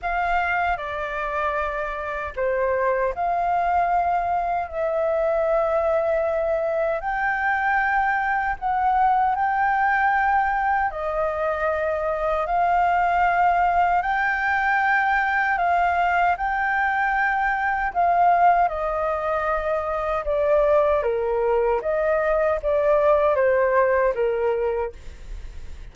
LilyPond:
\new Staff \with { instrumentName = "flute" } { \time 4/4 \tempo 4 = 77 f''4 d''2 c''4 | f''2 e''2~ | e''4 g''2 fis''4 | g''2 dis''2 |
f''2 g''2 | f''4 g''2 f''4 | dis''2 d''4 ais'4 | dis''4 d''4 c''4 ais'4 | }